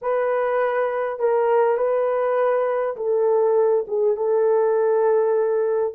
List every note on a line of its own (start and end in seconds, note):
0.01 1.19 B4
1.19 1.77 A#4
1.77 2.96 B4
2.96 3.85 A4
3.87 4.16 G#4
4.16 5.94 A4